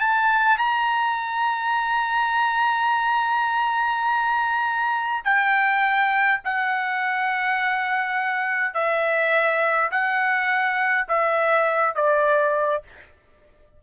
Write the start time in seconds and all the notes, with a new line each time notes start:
0.00 A5
0.58 A#5
5.25 G5
6.45 F#5
8.74 E5
9.91 F#5
11.09 E5
11.95 D5